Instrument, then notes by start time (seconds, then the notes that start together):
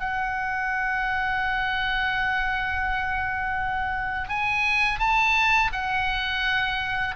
oboe
0.00 F#5
4.29 G#5
4.99 A5
5.72 F#5